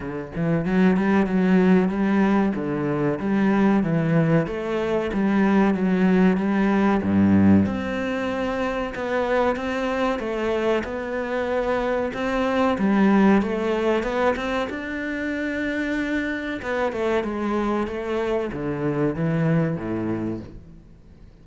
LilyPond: \new Staff \with { instrumentName = "cello" } { \time 4/4 \tempo 4 = 94 d8 e8 fis8 g8 fis4 g4 | d4 g4 e4 a4 | g4 fis4 g4 g,4 | c'2 b4 c'4 |
a4 b2 c'4 | g4 a4 b8 c'8 d'4~ | d'2 b8 a8 gis4 | a4 d4 e4 a,4 | }